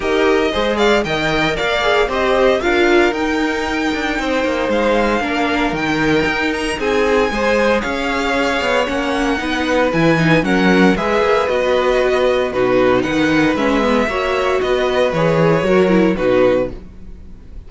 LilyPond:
<<
  \new Staff \with { instrumentName = "violin" } { \time 4/4 \tempo 4 = 115 dis''4. f''8 g''4 f''4 | dis''4 f''4 g''2~ | g''4 f''2 g''4~ | g''8 ais''8 gis''2 f''4~ |
f''4 fis''2 gis''4 | fis''4 e''4 dis''2 | b'4 fis''4 e''2 | dis''4 cis''2 b'4 | }
  \new Staff \with { instrumentName = "violin" } { \time 4/4 ais'4 c''8 d''8 dis''4 d''4 | c''4 ais'2. | c''2 ais'2~ | ais'4 gis'4 c''4 cis''4~ |
cis''2 b'2 | ais'4 b'2. | fis'4 b'2 cis''4 | b'2 ais'4 fis'4 | }
  \new Staff \with { instrumentName = "viola" } { \time 4/4 g'4 gis'4 ais'4. gis'8 | g'4 f'4 dis'2~ | dis'2 d'4 dis'4~ | dis'2 gis'2~ |
gis'4 cis'4 dis'4 e'8 dis'8 | cis'4 gis'4 fis'2 | dis'2 cis'8 b8 fis'4~ | fis'4 gis'4 fis'8 e'8 dis'4 | }
  \new Staff \with { instrumentName = "cello" } { \time 4/4 dis'4 gis4 dis4 ais4 | c'4 d'4 dis'4. d'8 | c'8 ais8 gis4 ais4 dis4 | dis'4 c'4 gis4 cis'4~ |
cis'8 b8 ais4 b4 e4 | fis4 gis8 ais8 b2 | b,4 dis4 gis4 ais4 | b4 e4 fis4 b,4 | }
>>